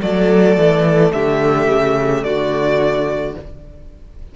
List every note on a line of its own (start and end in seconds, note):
0.00 0.57 F#3
0.00 3.33 A3
0.00 1.12 A4
0.00 1.12 D5
0.57 1.13 E3
1.12 1.68 D3
1.12 2.25 G4
1.12 2.24 E5
1.68 2.23 C#3
2.24 3.35 D3
2.24 3.36 F#4
2.24 3.35 D5